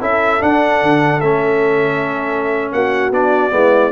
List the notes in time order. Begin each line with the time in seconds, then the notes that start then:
0.00 C#4 E4 A4 E5
0.40 D4 F#5
0.82 D3
1.21 A3 C#4 E5
2.72 A#3 F#4 F#5
3.10 B3 D4 D5
3.51 G#3 B3 E4